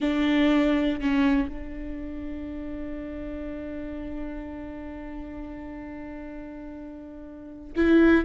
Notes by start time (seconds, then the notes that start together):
0.00 D4
1.00 C#4
1.48 D4
7.75 E4